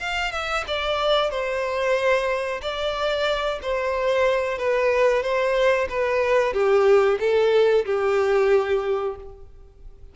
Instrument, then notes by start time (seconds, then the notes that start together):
violin
0.00 F5
0.32 E5
0.68 D5
1.30 C5
2.62 D5
3.62 C5
4.58 B4
5.23 C5
5.90 B4
6.53 G4
7.20 A4
7.86 G4